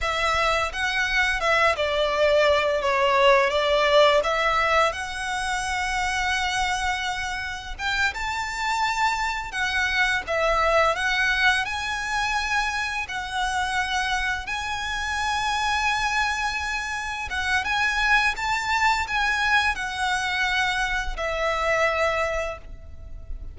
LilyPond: \new Staff \with { instrumentName = "violin" } { \time 4/4 \tempo 4 = 85 e''4 fis''4 e''8 d''4. | cis''4 d''4 e''4 fis''4~ | fis''2. g''8 a''8~ | a''4. fis''4 e''4 fis''8~ |
fis''8 gis''2 fis''4.~ | fis''8 gis''2.~ gis''8~ | gis''8 fis''8 gis''4 a''4 gis''4 | fis''2 e''2 | }